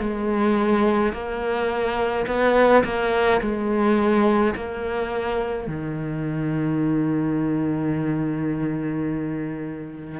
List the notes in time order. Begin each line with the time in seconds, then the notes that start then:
0.00 G#3
1.13 A#3
2.27 B3
2.85 A#3
3.42 G#3
4.55 A#3
5.68 D#3